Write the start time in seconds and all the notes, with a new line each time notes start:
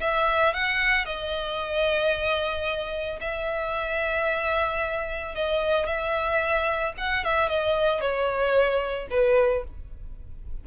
0.00 E5
0.54 F#5
1.05 D#5
3.21 E5
5.35 D#5
5.86 E5
6.97 F#5
7.24 E5
7.49 D#5
8.00 C#5
9.10 B4